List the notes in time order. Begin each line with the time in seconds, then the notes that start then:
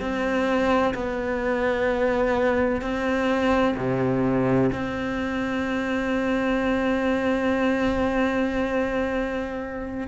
0.00 C4
0.94 B3
2.81 C4
3.77 C3
4.72 C4